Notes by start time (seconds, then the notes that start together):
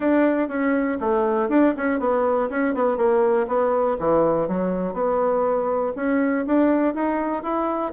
0.00 D4
0.48 C#4
1.00 A3
1.49 D4
1.76 C#4
1.99 B3
2.49 C#4
2.74 B3
2.97 A#3
3.47 B3
3.99 E3
4.47 F#3
4.93 B3
5.95 C#4
6.46 D4
6.94 D#4
7.42 E4